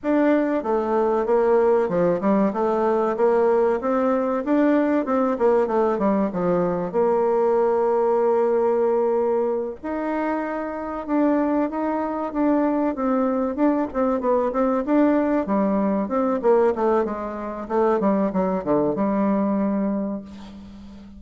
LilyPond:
\new Staff \with { instrumentName = "bassoon" } { \time 4/4 \tempo 4 = 95 d'4 a4 ais4 f8 g8 | a4 ais4 c'4 d'4 | c'8 ais8 a8 g8 f4 ais4~ | ais2.~ ais8 dis'8~ |
dis'4. d'4 dis'4 d'8~ | d'8 c'4 d'8 c'8 b8 c'8 d'8~ | d'8 g4 c'8 ais8 a8 gis4 | a8 g8 fis8 d8 g2 | }